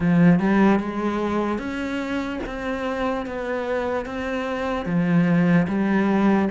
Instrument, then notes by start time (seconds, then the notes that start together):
cello
0.00 F3
0.39 G3
0.79 G#3
1.58 C#4
2.46 C4
3.25 B3
4.05 C4
4.85 F3
5.68 G3